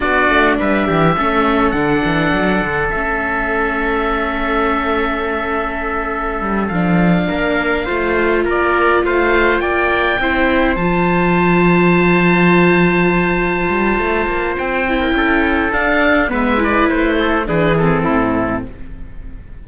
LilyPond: <<
  \new Staff \with { instrumentName = "oboe" } { \time 4/4 \tempo 4 = 103 d''4 e''2 fis''4~ | fis''4 e''2.~ | e''2.~ e''8 f''8~ | f''2~ f''8 d''4 f''8~ |
f''8 g''2 a''4.~ | a''1~ | a''4 g''2 f''4 | e''8 d''8 c''4 b'8 a'4. | }
  \new Staff \with { instrumentName = "trumpet" } { \time 4/4 fis'4 b'8 g'8 a'2~ | a'1~ | a'1~ | a'8 ais'4 c''4 ais'4 c''8~ |
c''8 d''4 c''2~ c''8~ | c''1~ | c''4.~ c''16 ais'16 a'2 | b'4. a'8 gis'4 e'4 | }
  \new Staff \with { instrumentName = "viola" } { \time 4/4 d'2 cis'4 d'4~ | d'4 cis'2.~ | cis'2.~ cis'8 d'8~ | d'4. f'2~ f'8~ |
f'4. e'4 f'4.~ | f'1~ | f'4. e'4. d'4 | b8 e'4. d'8 c'4. | }
  \new Staff \with { instrumentName = "cello" } { \time 4/4 b8 a8 g8 e8 a4 d8 e8 | fis8 d8 a2.~ | a2. g8 f8~ | f8 ais4 a4 ais4 a8~ |
a8 ais4 c'4 f4.~ | f2.~ f8 g8 | a8 ais8 c'4 cis'4 d'4 | gis4 a4 e4 a,4 | }
>>